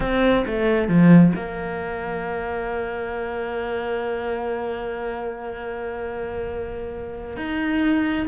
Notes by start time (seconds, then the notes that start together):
0.00 C4
0.46 A3
0.88 F3
1.35 A#3
7.36 D#4